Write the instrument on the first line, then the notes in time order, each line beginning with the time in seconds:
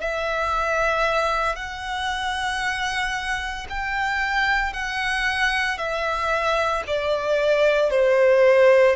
violin
0.00 E5
1.56 F#5
3.69 G5
4.73 F#5
5.78 E5
6.87 D5
7.90 C5